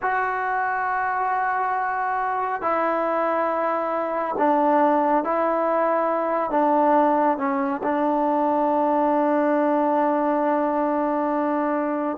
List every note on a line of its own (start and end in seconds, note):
0.02 2.61 F#4
2.61 4.35 E4
4.38 5.24 D4
5.24 6.50 E4
6.50 7.37 D4
7.37 7.81 C#4
7.83 12.17 D4